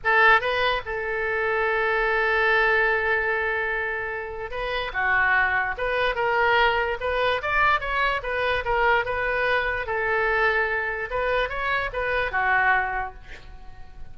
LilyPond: \new Staff \with { instrumentName = "oboe" } { \time 4/4 \tempo 4 = 146 a'4 b'4 a'2~ | a'1~ | a'2. b'4 | fis'2 b'4 ais'4~ |
ais'4 b'4 d''4 cis''4 | b'4 ais'4 b'2 | a'2. b'4 | cis''4 b'4 fis'2 | }